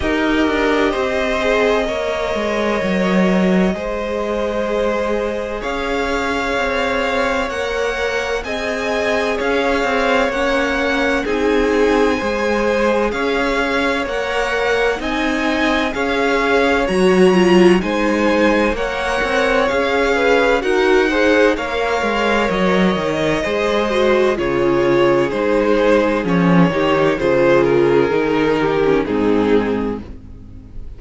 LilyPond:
<<
  \new Staff \with { instrumentName = "violin" } { \time 4/4 \tempo 4 = 64 dis''1~ | dis''2 f''2 | fis''4 gis''4 f''4 fis''4 | gis''2 f''4 fis''4 |
gis''4 f''4 ais''4 gis''4 | fis''4 f''4 fis''4 f''4 | dis''2 cis''4 c''4 | cis''4 c''8 ais'4. gis'4 | }
  \new Staff \with { instrumentName = "violin" } { \time 4/4 ais'4 c''4 cis''2 | c''2 cis''2~ | cis''4 dis''4 cis''2 | gis'4 c''4 cis''2 |
dis''4 cis''2 c''4 | cis''4. b'8 ais'8 c''8 cis''4~ | cis''4 c''4 gis'2~ | gis'8 g'8 gis'4. g'8 dis'4 | }
  \new Staff \with { instrumentName = "viola" } { \time 4/4 g'4. gis'8 ais'2 | gis'1 | ais'4 gis'2 cis'4 | dis'4 gis'2 ais'4 |
dis'4 gis'4 fis'8 f'8 dis'4 | ais'4 gis'4 fis'8 gis'8 ais'4~ | ais'4 gis'8 fis'8 f'4 dis'4 | cis'8 dis'8 f'4 dis'8. cis'16 c'4 | }
  \new Staff \with { instrumentName = "cello" } { \time 4/4 dis'8 d'8 c'4 ais8 gis8 fis4 | gis2 cis'4 c'4 | ais4 c'4 cis'8 c'8 ais4 | c'4 gis4 cis'4 ais4 |
c'4 cis'4 fis4 gis4 | ais8 c'8 cis'4 dis'4 ais8 gis8 | fis8 dis8 gis4 cis4 gis4 | f8 dis8 cis4 dis4 gis,4 | }
>>